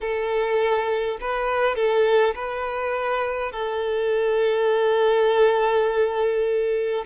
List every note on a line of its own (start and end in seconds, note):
0.01 1.18 A4
1.21 1.75 B4
1.75 2.34 A4
2.34 3.51 B4
3.51 7.04 A4